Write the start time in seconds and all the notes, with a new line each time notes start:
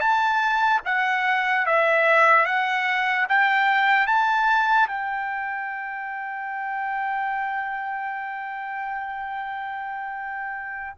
0.00 A5
0.86 F#5
1.66 E5
2.46 F#5
3.29 G5
4.07 A5
4.88 G5